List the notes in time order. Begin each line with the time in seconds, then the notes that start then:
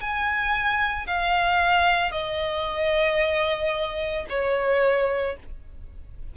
0.00 G#5
1.06 F5
2.11 D#5
4.29 C#5